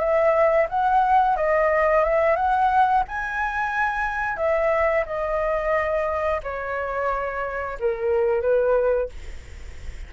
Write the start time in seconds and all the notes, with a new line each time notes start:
0.00 E5
0.69 F#5
1.37 D#5
2.04 E5
2.36 F#5
3.09 G#5
4.37 E5
5.06 D#5
6.43 C#5
7.80 A#4
8.42 B4